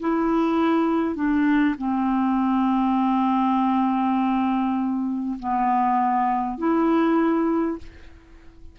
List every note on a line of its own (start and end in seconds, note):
0.00 1.15 E4
1.15 1.75 D4
1.78 5.38 C4
5.39 6.58 B3
6.58 7.78 E4